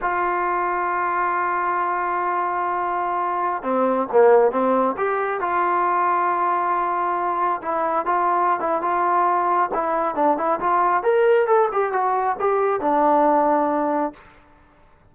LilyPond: \new Staff \with { instrumentName = "trombone" } { \time 4/4 \tempo 4 = 136 f'1~ | f'1~ | f'16 c'4 ais4 c'4 g'8.~ | g'16 f'2.~ f'8.~ |
f'4~ f'16 e'4 f'4~ f'16 e'8 | f'2 e'4 d'8 e'8 | f'4 ais'4 a'8 g'8 fis'4 | g'4 d'2. | }